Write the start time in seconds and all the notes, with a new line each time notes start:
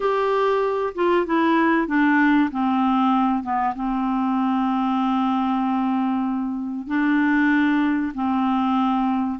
0.00 G4
0.95 F4
1.26 E4
1.87 D4
2.51 C4
3.43 B3
3.75 C4
6.87 D4
8.14 C4